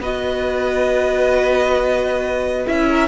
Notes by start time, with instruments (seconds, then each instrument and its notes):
0.00 cello B3, viola F#4, violin B4 D#5
2.66 cello C#4, viola E4, violin E5
2.89 violin A#4